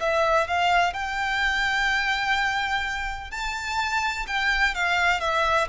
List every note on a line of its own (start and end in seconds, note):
0.00 0.48 E5
0.48 0.94 F5
0.94 3.31 G5
3.31 4.26 A5
4.27 4.75 G5
4.75 5.20 F5
5.20 5.68 E5